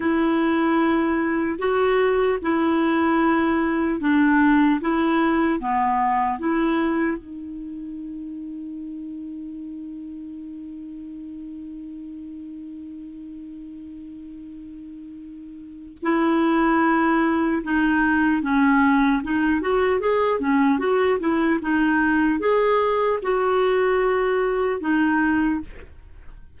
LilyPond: \new Staff \with { instrumentName = "clarinet" } { \time 4/4 \tempo 4 = 75 e'2 fis'4 e'4~ | e'4 d'4 e'4 b4 | e'4 dis'2.~ | dis'1~ |
dis'1 | e'2 dis'4 cis'4 | dis'8 fis'8 gis'8 cis'8 fis'8 e'8 dis'4 | gis'4 fis'2 dis'4 | }